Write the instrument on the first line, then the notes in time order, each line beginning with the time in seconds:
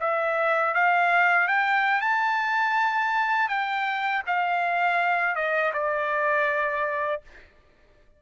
trumpet
0.00 E5
0.74 F5
1.47 G5
2.01 A5
3.48 G5
4.27 F5
5.35 D#5
5.73 D5